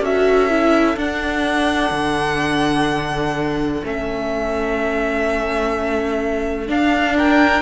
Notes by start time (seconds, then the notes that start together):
0.00 C#4 F#4 A4 E5
0.50 E4
0.97 D4 F#5
1.91 D3
3.84 A3 C#4 E5
6.67 D4 F5
7.16 A#4 G5